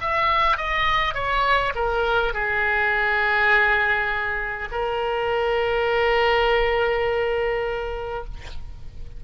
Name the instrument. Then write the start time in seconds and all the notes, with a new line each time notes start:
oboe
0.00 E5
0.57 D#5
1.14 C#5
1.75 A#4
2.33 G#4
4.71 A#4